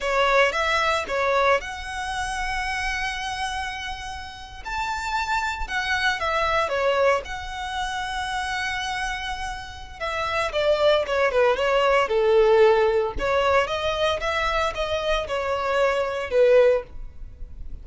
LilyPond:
\new Staff \with { instrumentName = "violin" } { \time 4/4 \tempo 4 = 114 cis''4 e''4 cis''4 fis''4~ | fis''1~ | fis''8. a''2 fis''4 e''16~ | e''8. cis''4 fis''2~ fis''16~ |
fis''2. e''4 | d''4 cis''8 b'8 cis''4 a'4~ | a'4 cis''4 dis''4 e''4 | dis''4 cis''2 b'4 | }